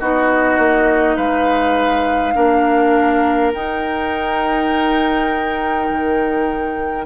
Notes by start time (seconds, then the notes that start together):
0.00 B3 D#4 F#4 D#5
0.59 A#3
1.16 G#3 B4 F5
2.35 A#3 D4 A#4
3.54 D#4 G5
5.90 D#3